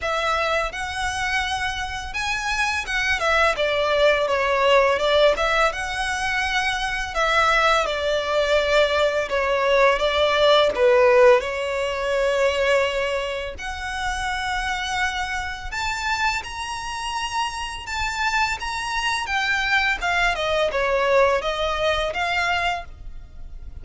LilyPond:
\new Staff \with { instrumentName = "violin" } { \time 4/4 \tempo 4 = 84 e''4 fis''2 gis''4 | fis''8 e''8 d''4 cis''4 d''8 e''8 | fis''2 e''4 d''4~ | d''4 cis''4 d''4 b'4 |
cis''2. fis''4~ | fis''2 a''4 ais''4~ | ais''4 a''4 ais''4 g''4 | f''8 dis''8 cis''4 dis''4 f''4 | }